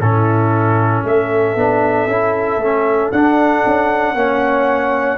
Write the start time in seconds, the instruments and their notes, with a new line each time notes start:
0.00 tuba A2, trombone C#4, horn E4, trumpet A4
1.04 tuba A3, horn A4, trumpet E5
1.55 tuba B3, trombone D4
2.06 tuba C#4, trombone E4
2.57 tuba A3, trombone C#4
3.11 tuba D4, trombone D4, trumpet F#5
3.66 tuba C#4
4.14 tuba A#3, trombone C#4, horn C#5